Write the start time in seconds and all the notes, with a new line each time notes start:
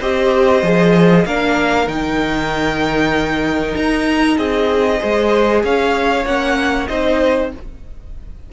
0.00 C4 G4 C5 D#5
0.62 F3 G#4
1.25 A#3 D4 A#4 F5
1.86 D#3 D#4 G5
3.75 D#4 A#5
4.37 C4 G#4 D#5
4.99 G#3 G#4 C5
5.63 C#4 C#5 F5
6.25 A#3 C#4 F#5
6.87 C4 D#4 C5 D#5